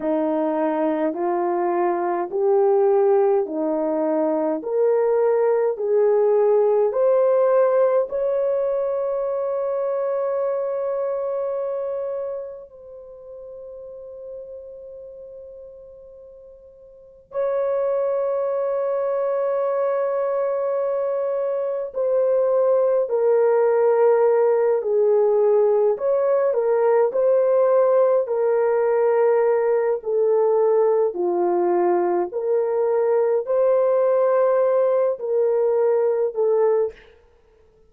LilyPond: \new Staff \with { instrumentName = "horn" } { \time 4/4 \tempo 4 = 52 dis'4 f'4 g'4 dis'4 | ais'4 gis'4 c''4 cis''4~ | cis''2. c''4~ | c''2. cis''4~ |
cis''2. c''4 | ais'4. gis'4 cis''8 ais'8 c''8~ | c''8 ais'4. a'4 f'4 | ais'4 c''4. ais'4 a'8 | }